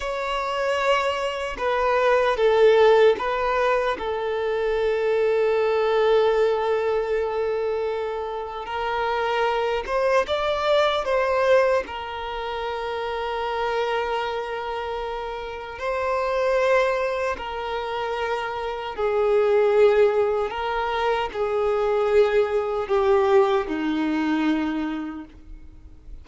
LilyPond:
\new Staff \with { instrumentName = "violin" } { \time 4/4 \tempo 4 = 76 cis''2 b'4 a'4 | b'4 a'2.~ | a'2. ais'4~ | ais'8 c''8 d''4 c''4 ais'4~ |
ais'1 | c''2 ais'2 | gis'2 ais'4 gis'4~ | gis'4 g'4 dis'2 | }